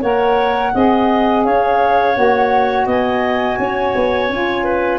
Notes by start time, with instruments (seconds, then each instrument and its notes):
0.00 tuba A#3, saxophone A#4, clarinet C#5, flute F#5
0.74 tuba C4, saxophone G#4, clarinet D#5
1.44 tuba C#4, clarinet C#5, flute F5
2.14 tuba A#3, saxophone F#4, flute F#5
2.86 tuba B3, clarinet D#5, flute G#5
3.59 tuba C#4, clarinet C#5
3.95 tuba B3
4.29 tuba C#4, saxophone F4
4.64 clarinet B4